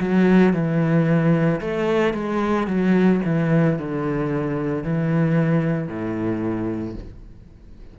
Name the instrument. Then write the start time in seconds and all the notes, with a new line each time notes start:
cello
0.00 F#3
0.53 E3
1.61 A3
2.14 G#3
2.67 F#3
3.25 E3
3.78 D3
4.84 E3
5.87 A2